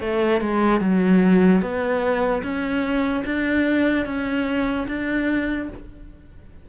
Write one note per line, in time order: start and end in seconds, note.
0.00 0.41 A3
0.41 0.80 G#3
0.80 1.61 F#3
1.61 2.43 B3
2.43 3.24 C#4
3.25 4.05 D4
4.05 4.86 C#4
4.88 5.69 D4